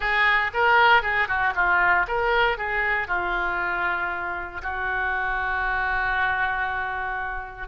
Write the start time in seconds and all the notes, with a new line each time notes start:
0.00 G#4
0.53 A#4
1.02 G#4
1.28 F#4
1.55 F4
2.07 A#4
2.57 G#4
3.07 F4
4.62 F#4